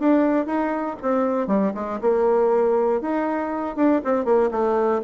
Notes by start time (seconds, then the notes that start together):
0.00 D4
0.47 D#4
1.02 C4
1.48 G3
1.75 G#3
2.02 A#3
3.02 D#4
3.77 D4
4.05 C4
4.25 A#3
4.51 A3